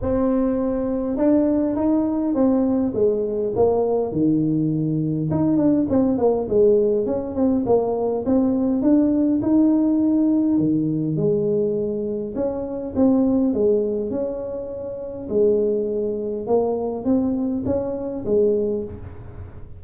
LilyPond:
\new Staff \with { instrumentName = "tuba" } { \time 4/4 \tempo 4 = 102 c'2 d'4 dis'4 | c'4 gis4 ais4 dis4~ | dis4 dis'8 d'8 c'8 ais8 gis4 | cis'8 c'8 ais4 c'4 d'4 |
dis'2 dis4 gis4~ | gis4 cis'4 c'4 gis4 | cis'2 gis2 | ais4 c'4 cis'4 gis4 | }